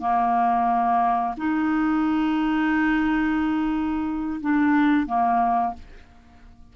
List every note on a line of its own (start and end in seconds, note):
0.00 1.35 A#3
1.38 4.41 D#4
4.41 5.07 D4
5.07 5.74 A#3